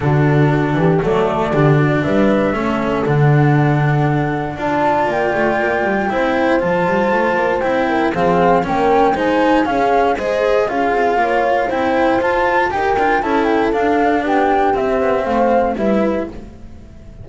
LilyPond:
<<
  \new Staff \with { instrumentName = "flute" } { \time 4/4 \tempo 4 = 118 a'2 d''2 | e''2 fis''2~ | fis''4 a''4 g''2~ | g''4 a''2 g''4 |
f''4 g''4 gis''4 f''4 | dis''4 f''2 g''4 | a''4 g''4 a''8 g''8 f''4 | g''4 e''4 f''4 e''4 | }
  \new Staff \with { instrumentName = "horn" } { \time 4/4 fis'4. g'8 a'4 g'8 fis'8 | b'4 a'2.~ | a'4 d''2. | c''2.~ c''8 ais'8 |
gis'4 ais'4 c''4 gis'4 | c''4 gis'4 cis''4 c''4~ | c''4 ais'4 a'2 | g'2 c''4 b'4 | }
  \new Staff \with { instrumentName = "cello" } { \time 4/4 d'2 a4 d'4~ | d'4 cis'4 d'2~ | d'4 f'2. | e'4 f'2 e'4 |
c'4 cis'4 dis'4 cis'4 | gis'4 f'2 e'4 | f'4 g'8 f'8 e'4 d'4~ | d'4 c'2 e'4 | }
  \new Staff \with { instrumentName = "double bass" } { \time 4/4 d4. e8 fis4 d4 | g4 a4 d2~ | d4 d'4 ais8 a8 ais8 g8 | c'4 f8 g8 a8 ais8 c'4 |
f4 ais4 gis4 cis'4 | gis4 cis'8 c'8 ais4 c'4 | f'4 dis'8 d'8 cis'4 d'4 | b4 c'8 b8 a4 g4 | }
>>